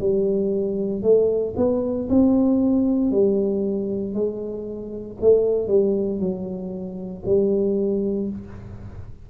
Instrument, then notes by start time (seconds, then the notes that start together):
tuba
0.00 G3
1.03 A3
1.57 B3
2.10 C4
3.12 G3
4.14 G#3
5.21 A3
5.68 G3
6.20 F#3
7.26 G3